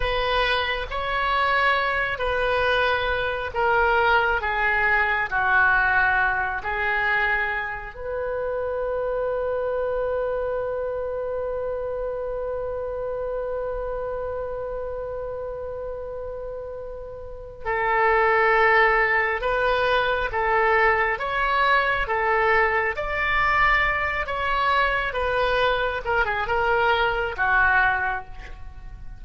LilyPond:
\new Staff \with { instrumentName = "oboe" } { \time 4/4 \tempo 4 = 68 b'4 cis''4. b'4. | ais'4 gis'4 fis'4. gis'8~ | gis'4 b'2.~ | b'1~ |
b'1 | a'2 b'4 a'4 | cis''4 a'4 d''4. cis''8~ | cis''8 b'4 ais'16 gis'16 ais'4 fis'4 | }